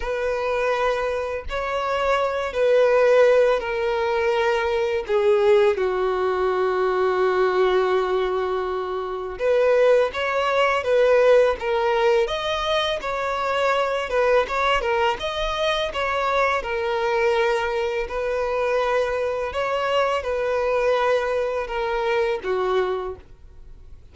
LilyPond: \new Staff \with { instrumentName = "violin" } { \time 4/4 \tempo 4 = 83 b'2 cis''4. b'8~ | b'4 ais'2 gis'4 | fis'1~ | fis'4 b'4 cis''4 b'4 |
ais'4 dis''4 cis''4. b'8 | cis''8 ais'8 dis''4 cis''4 ais'4~ | ais'4 b'2 cis''4 | b'2 ais'4 fis'4 | }